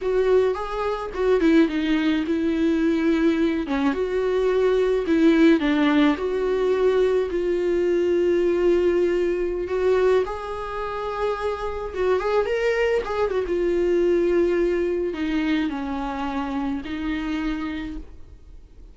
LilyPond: \new Staff \with { instrumentName = "viola" } { \time 4/4 \tempo 4 = 107 fis'4 gis'4 fis'8 e'8 dis'4 | e'2~ e'8 cis'8 fis'4~ | fis'4 e'4 d'4 fis'4~ | fis'4 f'2.~ |
f'4~ f'16 fis'4 gis'4.~ gis'16~ | gis'4~ gis'16 fis'8 gis'8 ais'4 gis'8 fis'16 | f'2. dis'4 | cis'2 dis'2 | }